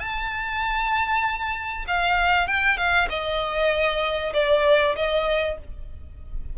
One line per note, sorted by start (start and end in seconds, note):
0.00 1.86 A5
1.88 2.47 F5
2.47 2.77 G5
2.77 3.08 F5
3.09 4.33 D#5
4.34 4.95 D5
4.96 5.58 D#5